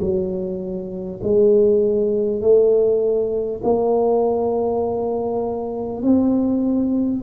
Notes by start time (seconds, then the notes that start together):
0.00 F#3
1.23 G#3
2.41 A3
3.63 A#3
6.02 C4